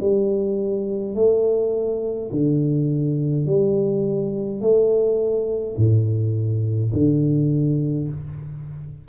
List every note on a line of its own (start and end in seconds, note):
0.00 1.15 G3
1.15 2.30 A3
2.31 3.46 D3
3.46 4.60 G3
4.60 5.76 A3
5.76 6.92 A2
6.93 8.08 D3